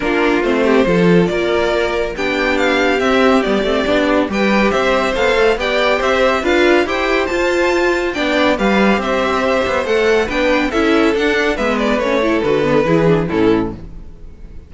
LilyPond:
<<
  \new Staff \with { instrumentName = "violin" } { \time 4/4 \tempo 4 = 140 ais'4 c''2 d''4~ | d''4 g''4 f''4 e''4 | d''2 g''4 e''4 | f''4 g''4 e''4 f''4 |
g''4 a''2 g''4 | f''4 e''2 fis''4 | g''4 e''4 fis''4 e''8 d''8 | cis''4 b'2 a'4 | }
  \new Staff \with { instrumentName = "violin" } { \time 4/4 f'4. g'8 a'4 ais'4~ | ais'4 g'2.~ | g'2 b'4 c''4~ | c''4 d''4 c''4 b'4 |
c''2. d''4 | b'4 c''2. | b'4 a'2 b'4~ | b'8 a'4. gis'4 e'4 | }
  \new Staff \with { instrumentName = "viola" } { \time 4/4 d'4 c'4 f'2~ | f'4 d'2 c'4 | b8 c'8 d'4 g'2 | a'4 g'2 f'4 |
g'4 f'2 d'4 | g'2. a'4 | d'4 e'4 d'4 b4 | cis'8 e'8 fis'8 b8 e'8 d'8 cis'4 | }
  \new Staff \with { instrumentName = "cello" } { \time 4/4 ais4 a4 f4 ais4~ | ais4 b2 c'4 | g8 a8 b4 g4 c'4 | b8 a8 b4 c'4 d'4 |
e'4 f'2 b4 | g4 c'4. b8 a4 | b4 cis'4 d'4 gis4 | a4 d4 e4 a,4 | }
>>